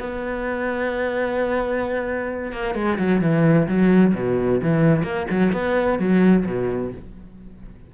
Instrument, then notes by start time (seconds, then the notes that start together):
cello
0.00 B3
2.53 A#3
2.75 G#3
2.99 F#3
3.21 E3
3.68 F#3
4.15 B2
4.63 E3
5.04 A#3
5.31 F#3
5.53 B3
5.99 F#3
6.47 B2